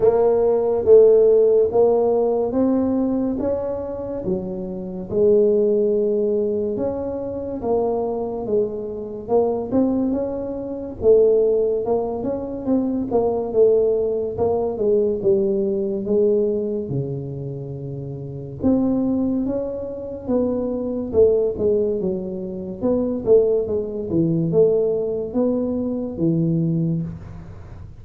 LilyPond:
\new Staff \with { instrumentName = "tuba" } { \time 4/4 \tempo 4 = 71 ais4 a4 ais4 c'4 | cis'4 fis4 gis2 | cis'4 ais4 gis4 ais8 c'8 | cis'4 a4 ais8 cis'8 c'8 ais8 |
a4 ais8 gis8 g4 gis4 | cis2 c'4 cis'4 | b4 a8 gis8 fis4 b8 a8 | gis8 e8 a4 b4 e4 | }